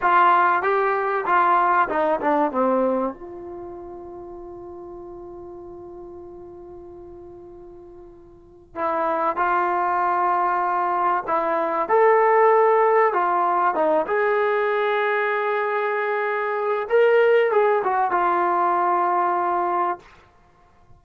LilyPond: \new Staff \with { instrumentName = "trombone" } { \time 4/4 \tempo 4 = 96 f'4 g'4 f'4 dis'8 d'8 | c'4 f'2.~ | f'1~ | f'2 e'4 f'4~ |
f'2 e'4 a'4~ | a'4 f'4 dis'8 gis'4.~ | gis'2. ais'4 | gis'8 fis'8 f'2. | }